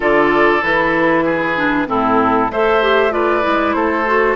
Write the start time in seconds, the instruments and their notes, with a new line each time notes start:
0.00 bassoon D3, clarinet F4, oboe A4, flute D5
0.61 bassoon E3, clarinet E4, flute B4
1.24 oboe G#4
1.55 clarinet D4
1.86 bassoon A2, clarinet C4, oboe E4, flute A4
2.50 bassoon A3, clarinet A4, oboe C5, flute E5
2.82 clarinet G4
3.10 clarinet F4, oboe B4, flute D5
3.41 bassoon G#3, clarinet E4
3.73 bassoon A3, oboe A4, flute C5
4.05 clarinet F#4